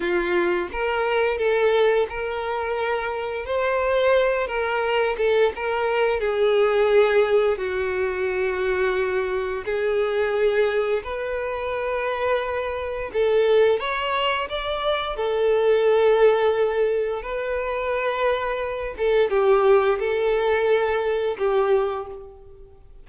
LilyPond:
\new Staff \with { instrumentName = "violin" } { \time 4/4 \tempo 4 = 87 f'4 ais'4 a'4 ais'4~ | ais'4 c''4. ais'4 a'8 | ais'4 gis'2 fis'4~ | fis'2 gis'2 |
b'2. a'4 | cis''4 d''4 a'2~ | a'4 b'2~ b'8 a'8 | g'4 a'2 g'4 | }